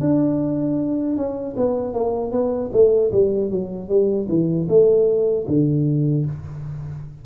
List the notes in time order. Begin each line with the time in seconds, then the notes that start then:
0.00 D4
1.16 C#4
1.57 B3
1.93 A#3
2.31 B3
2.72 A3
3.11 G3
3.50 F#3
3.88 G3
4.28 E3
4.69 A3
5.47 D3